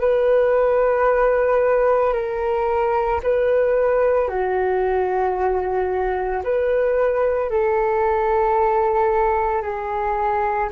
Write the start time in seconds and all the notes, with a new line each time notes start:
0.00 B4
2.14 A#4
3.23 B4
4.28 F#4
6.44 B4
7.50 A4
9.62 G#4